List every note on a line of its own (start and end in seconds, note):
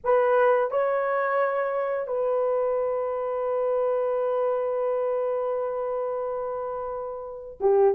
0.03 0.71 B4
0.71 2.07 C#5
2.07 7.58 B4
7.60 7.94 G4